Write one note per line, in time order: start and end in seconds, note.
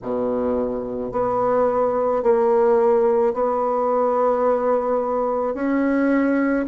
0.02 1.11 B2
1.11 2.22 B3
2.22 3.33 A#3
3.33 5.54 B3
5.54 6.65 C#4